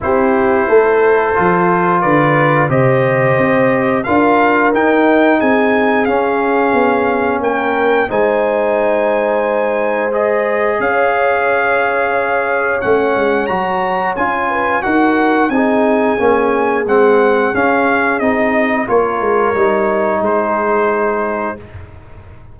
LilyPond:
<<
  \new Staff \with { instrumentName = "trumpet" } { \time 4/4 \tempo 4 = 89 c''2. d''4 | dis''2 f''4 g''4 | gis''4 f''2 g''4 | gis''2. dis''4 |
f''2. fis''4 | ais''4 gis''4 fis''4 gis''4~ | gis''4 fis''4 f''4 dis''4 | cis''2 c''2 | }
  \new Staff \with { instrumentName = "horn" } { \time 4/4 g'4 a'2 b'4 | c''2 ais'2 | gis'2. ais'4 | c''1 |
cis''1~ | cis''4. b'8 ais'4 gis'4~ | gis'1 | ais'2 gis'2 | }
  \new Staff \with { instrumentName = "trombone" } { \time 4/4 e'2 f'2 | g'2 f'4 dis'4~ | dis'4 cis'2. | dis'2. gis'4~ |
gis'2. cis'4 | fis'4 f'4 fis'4 dis'4 | cis'4 c'4 cis'4 dis'4 | f'4 dis'2. | }
  \new Staff \with { instrumentName = "tuba" } { \time 4/4 c'4 a4 f4 d4 | c4 c'4 d'4 dis'4 | c'4 cis'4 b4 ais4 | gis1 |
cis'2. a8 gis8 | fis4 cis'4 dis'4 c'4 | ais4 gis4 cis'4 c'4 | ais8 gis8 g4 gis2 | }
>>